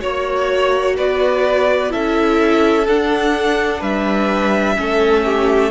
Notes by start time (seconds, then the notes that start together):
0.00 A#3 F#4 C#5
0.96 B3 B4 D5
1.90 C#4 E4 A4 E5
2.87 D4 F#5
3.79 G3 B4 E5
4.76 A3 C#4 A4
5.25 G4